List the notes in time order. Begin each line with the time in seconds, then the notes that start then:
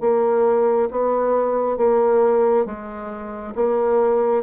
0.00 A#3
0.91 B3
1.77 A#3
2.66 G#3
3.55 A#3